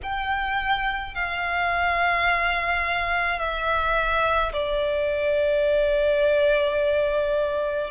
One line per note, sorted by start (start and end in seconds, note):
0.03 1.14 G5
1.14 3.39 F5
3.39 4.52 E5
4.52 7.90 D5